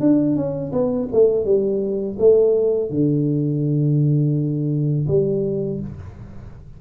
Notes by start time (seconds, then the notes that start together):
0.00 D4
0.36 C#4
0.72 B3
1.12 A3
1.45 G3
2.19 A3
2.90 D3
5.07 G3